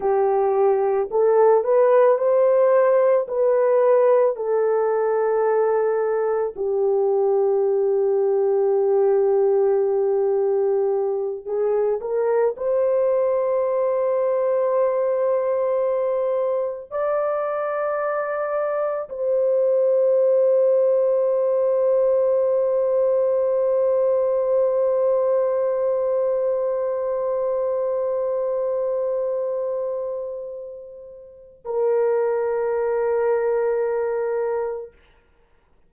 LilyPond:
\new Staff \with { instrumentName = "horn" } { \time 4/4 \tempo 4 = 55 g'4 a'8 b'8 c''4 b'4 | a'2 g'2~ | g'2~ g'8 gis'8 ais'8 c''8~ | c''2.~ c''8 d''8~ |
d''4. c''2~ c''8~ | c''1~ | c''1~ | c''4 ais'2. | }